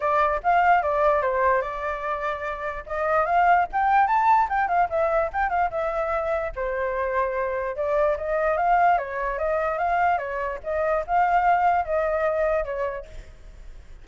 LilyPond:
\new Staff \with { instrumentName = "flute" } { \time 4/4 \tempo 4 = 147 d''4 f''4 d''4 c''4 | d''2. dis''4 | f''4 g''4 a''4 g''8 f''8 | e''4 g''8 f''8 e''2 |
c''2. d''4 | dis''4 f''4 cis''4 dis''4 | f''4 cis''4 dis''4 f''4~ | f''4 dis''2 cis''4 | }